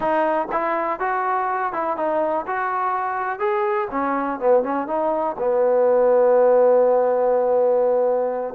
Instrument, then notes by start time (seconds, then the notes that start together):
trombone
0.00 D#4
0.52 E4
0.99 F#4
1.73 E4
1.96 D#4
2.46 F#4
3.39 G#4
3.90 C#4
4.39 B3
4.63 C#4
4.87 D#4
5.38 B3